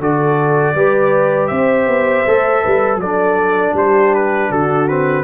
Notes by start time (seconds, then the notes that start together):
0.00 D3 F#4 A4 D5
0.75 G3 G4 B4
1.48 C4 C5 E5
1.88 B3
2.27 A3 A4
2.63 G3 B4
2.96 F#3 A4 D5
3.03 D4
3.74 G3 G4 C5
4.15 B4
4.50 D3 F#4 A4
4.88 C4 B4